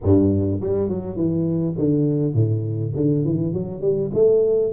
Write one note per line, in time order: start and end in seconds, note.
0.03 0.60 G2
0.60 0.88 G3
0.88 1.16 F#3
1.16 1.75 E3
1.78 2.34 D3
2.34 2.93 A2
2.96 3.24 D3
3.24 3.53 E3
3.53 3.81 F#3
3.81 4.10 G3
4.13 4.72 A3